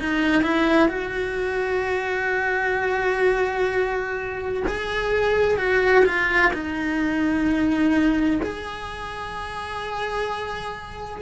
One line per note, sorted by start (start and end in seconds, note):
0.00 0.43 D#4
0.43 0.89 E4
0.89 4.64 F#4
4.67 5.58 G#4
5.58 6.05 F#4
6.06 6.52 F4
6.53 8.41 D#4
8.43 11.22 G#4